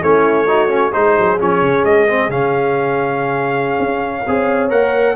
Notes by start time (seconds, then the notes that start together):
0.00 A3 C#4 E4 C#5
0.45 D#4 F#4
0.69 C#4
0.92 G#3 D#4 G#4 C5
1.19 F#3
1.38 F3 C#4 C#5
1.62 C#3
1.84 G#3 D#5
2.07 C4
2.29 C#3 C#4 F5
3.79 C#4
4.25 C4 G#4 C#5
4.69 A#3 A#4 F#5